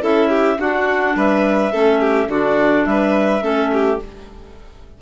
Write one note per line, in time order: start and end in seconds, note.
0.00 0.58 C#4
0.00 0.57 E4
0.00 0.29 A4
0.00 0.60 E5
0.29 0.58 G4
0.58 1.71 D4
0.58 1.15 D4
0.58 1.16 F#4
0.58 1.16 F#5
1.15 1.72 G3
1.15 1.72 B4
1.15 2.30 E5
1.72 2.27 A3
1.72 2.29 C#4
1.72 2.00 A4
2.00 2.28 G4
2.27 2.84 D3
2.27 3.40 D4
2.27 2.86 F#4
2.27 2.85 D5
2.85 3.42 G3
2.85 3.43 B4
2.85 3.99 E5
3.40 3.98 A3
3.40 3.97 C#4
3.40 3.71 A4
3.73 4.01 G4